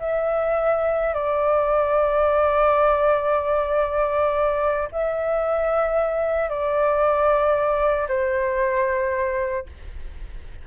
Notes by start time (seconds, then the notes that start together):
0.00 E5
1.14 D5
4.92 E5
6.50 D5
8.08 C5